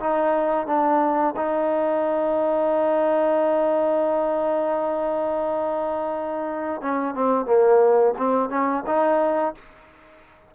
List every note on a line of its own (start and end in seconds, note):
0.00 0.67 D#4
0.67 1.35 D4
1.36 6.81 D#4
6.81 7.15 C#4
7.15 7.46 C4
7.46 8.14 A#3
8.18 8.49 C4
8.49 8.84 C#4
8.87 9.55 D#4